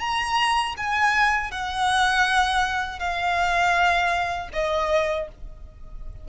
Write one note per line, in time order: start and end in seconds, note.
0.00 0.75 A#5
0.77 1.51 G#5
1.51 2.99 F#5
2.99 4.49 F5
4.53 5.28 D#5